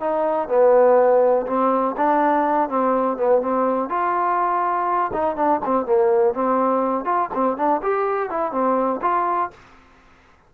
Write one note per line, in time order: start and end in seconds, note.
0.00 0.48 D#4
0.48 1.46 B3
1.47 1.95 C4
1.97 2.69 D4
2.69 3.17 C4
3.17 3.42 B3
3.42 3.89 C4
3.89 5.11 F4
5.14 5.36 D#4
5.36 5.60 D4
5.65 5.86 C4
5.86 6.34 A#3
6.34 7.05 C4
7.05 7.29 F4
7.34 7.57 C4
7.57 7.81 D4
7.82 8.30 G4
8.30 8.52 E4
8.52 9.01 C4
9.02 9.50 F4